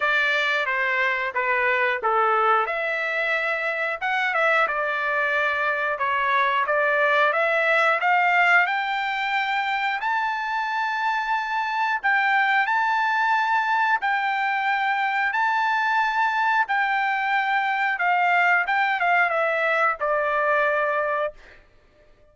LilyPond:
\new Staff \with { instrumentName = "trumpet" } { \time 4/4 \tempo 4 = 90 d''4 c''4 b'4 a'4 | e''2 fis''8 e''8 d''4~ | d''4 cis''4 d''4 e''4 | f''4 g''2 a''4~ |
a''2 g''4 a''4~ | a''4 g''2 a''4~ | a''4 g''2 f''4 | g''8 f''8 e''4 d''2 | }